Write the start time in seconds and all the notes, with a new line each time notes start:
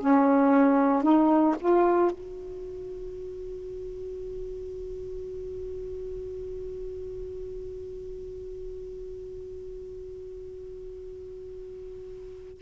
0.00 C#4
1.02 D#4
1.60 F4
2.11 F#4